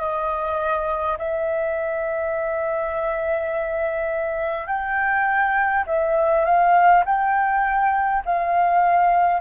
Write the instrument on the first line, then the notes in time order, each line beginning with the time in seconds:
flute
0.00 D#5
1.19 E5
4.67 G5
5.87 E5
6.45 F5
7.06 G5
8.26 F5